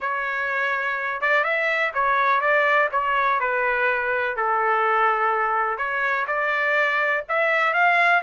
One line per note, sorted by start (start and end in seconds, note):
0.00 1.21 C#5
1.21 1.44 D5
1.44 1.92 E5
1.94 2.40 C#5
2.40 2.89 D5
2.91 3.40 C#5
3.40 4.36 B4
4.36 5.77 A4
5.77 6.26 C#5
6.27 7.24 D5
7.28 7.73 E5
7.73 8.22 F5